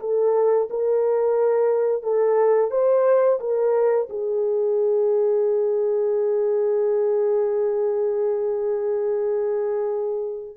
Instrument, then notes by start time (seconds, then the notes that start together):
horn
0.00 A4
0.70 A#4
2.03 A4
2.71 C5
3.40 A#4
4.09 G#4